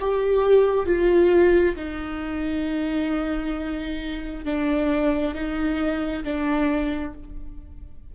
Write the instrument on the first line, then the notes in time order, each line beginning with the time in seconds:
viola
0.00 G4
0.86 F4
1.76 D#4
4.45 D4
5.34 D#4
6.24 D4